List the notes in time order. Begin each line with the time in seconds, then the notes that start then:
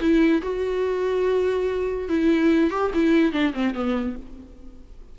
0.00 E4
0.42 F#4
2.09 E4
2.70 G4
2.94 E4
3.32 D4
3.53 C4
3.74 B3